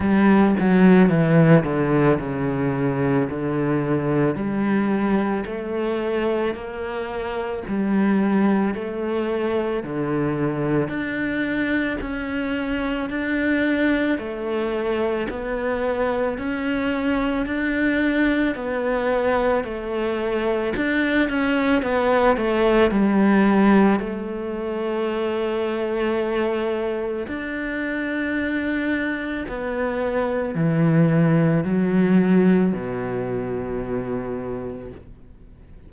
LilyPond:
\new Staff \with { instrumentName = "cello" } { \time 4/4 \tempo 4 = 55 g8 fis8 e8 d8 cis4 d4 | g4 a4 ais4 g4 | a4 d4 d'4 cis'4 | d'4 a4 b4 cis'4 |
d'4 b4 a4 d'8 cis'8 | b8 a8 g4 a2~ | a4 d'2 b4 | e4 fis4 b,2 | }